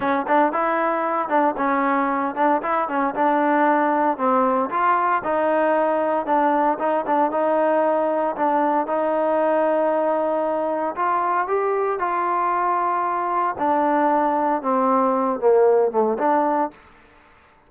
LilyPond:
\new Staff \with { instrumentName = "trombone" } { \time 4/4 \tempo 4 = 115 cis'8 d'8 e'4. d'8 cis'4~ | cis'8 d'8 e'8 cis'8 d'2 | c'4 f'4 dis'2 | d'4 dis'8 d'8 dis'2 |
d'4 dis'2.~ | dis'4 f'4 g'4 f'4~ | f'2 d'2 | c'4. ais4 a8 d'4 | }